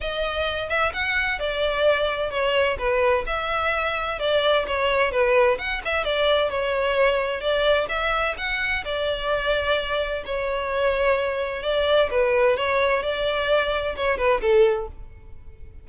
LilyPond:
\new Staff \with { instrumentName = "violin" } { \time 4/4 \tempo 4 = 129 dis''4. e''8 fis''4 d''4~ | d''4 cis''4 b'4 e''4~ | e''4 d''4 cis''4 b'4 | fis''8 e''8 d''4 cis''2 |
d''4 e''4 fis''4 d''4~ | d''2 cis''2~ | cis''4 d''4 b'4 cis''4 | d''2 cis''8 b'8 a'4 | }